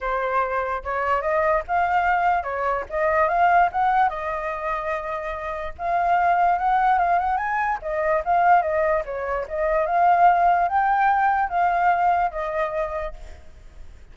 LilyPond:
\new Staff \with { instrumentName = "flute" } { \time 4/4 \tempo 4 = 146 c''2 cis''4 dis''4 | f''2 cis''4 dis''4 | f''4 fis''4 dis''2~ | dis''2 f''2 |
fis''4 f''8 fis''8 gis''4 dis''4 | f''4 dis''4 cis''4 dis''4 | f''2 g''2 | f''2 dis''2 | }